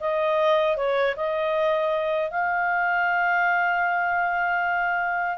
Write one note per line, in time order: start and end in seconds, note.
0.00 0.77 D#5
0.77 1.15 C#5
1.17 2.31 D#5
2.31 5.38 F5